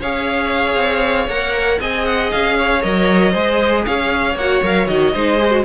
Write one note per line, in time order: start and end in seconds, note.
0.00 0.76 C#4
0.00 1.30 G#4
0.00 1.79 C#5
0.00 1.29 F5
0.76 1.28 C4
1.28 1.79 A#3
1.28 1.81 A#4
1.28 1.80 F#5
1.80 2.32 C4
1.80 2.82 G#4
1.80 2.57 D#5
1.80 2.06 G#5
2.06 2.31 F#5
2.31 2.84 C#4
2.31 2.83 F5
2.58 3.32 C#5
2.82 3.35 F#3
2.82 3.33 A#4
2.82 3.85 D#5
3.32 3.86 G#3
3.32 4.36 G#4
3.32 3.83 C5
3.86 4.35 C#4
3.86 5.14 C#5
3.86 4.37 F5
4.35 4.61 A#3
4.35 4.63 F#4
4.35 4.64 F#5
4.63 4.88 F#3
4.63 4.88 A#4
4.63 4.87 F5
4.87 5.14 D#3
4.87 5.14 F#4
4.87 5.64 D#5
5.14 5.65 G#3
5.14 5.39 D#4
5.14 5.65 C5
5.39 5.51 G#4
5.51 5.64 F#4